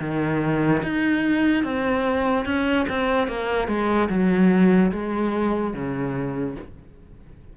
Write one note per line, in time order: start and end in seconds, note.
0.00 0.82 D#3
0.83 1.64 D#4
1.64 2.45 C4
2.45 2.86 C#4
2.89 3.28 C4
3.28 3.68 A#3
3.68 4.09 G#3
4.09 4.91 F#3
4.92 5.73 G#3
5.73 6.56 C#3